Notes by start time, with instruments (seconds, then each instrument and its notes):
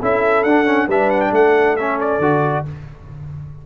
0.00 tuba C#4, trombone E4, horn A4, trumpet E5
0.44 tuba D4, trombone D4, trumpet F#5
0.66 trombone C#4
0.88 tuba G3, trombone D4, horn B4, trumpet E5
1.10 trumpet F#5
1.21 trumpet G5
1.31 tuba A3, horn A4, trumpet F#5
1.77 trombone C#4, trumpet E5
2.00 trumpet D5
2.19 tuba D3, trombone F#4